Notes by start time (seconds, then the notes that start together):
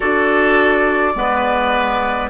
0.00 D4 F#4 A4 D5
1.14 G#3 B3 B4